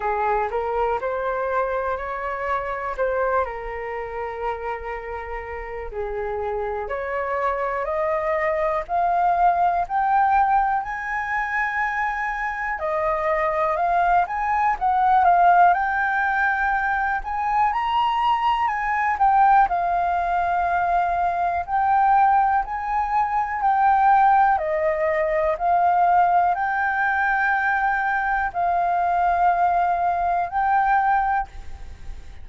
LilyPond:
\new Staff \with { instrumentName = "flute" } { \time 4/4 \tempo 4 = 61 gis'8 ais'8 c''4 cis''4 c''8 ais'8~ | ais'2 gis'4 cis''4 | dis''4 f''4 g''4 gis''4~ | gis''4 dis''4 f''8 gis''8 fis''8 f''8 |
g''4. gis''8 ais''4 gis''8 g''8 | f''2 g''4 gis''4 | g''4 dis''4 f''4 g''4~ | g''4 f''2 g''4 | }